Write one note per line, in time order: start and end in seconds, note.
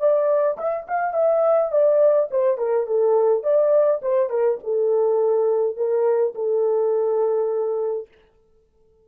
0.00 0.58 D5
0.58 0.87 E5
0.88 1.14 F5
1.14 1.72 E5
1.72 2.30 D5
2.31 2.58 C5
2.58 2.87 A#4
2.87 3.44 A4
3.44 4.01 D5
4.02 4.30 C5
4.30 4.59 A#4
4.64 5.77 A4
5.77 6.34 A#4
6.35 8.08 A4